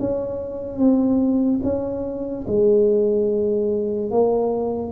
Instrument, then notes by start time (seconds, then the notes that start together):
tuba
0.00 C#4
0.79 C4
1.64 C#4
2.48 G#3
4.11 A#3